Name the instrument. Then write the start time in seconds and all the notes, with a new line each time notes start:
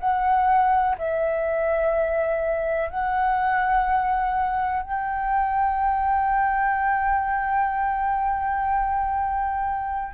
flute
0.00 F#5
0.99 E5
2.90 F#5
4.83 G5